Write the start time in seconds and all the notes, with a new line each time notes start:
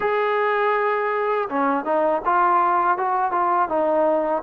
0.00 G#4
1.48 C#4
1.84 D#4
2.25 F4
2.97 F#4
3.31 F4
3.68 D#4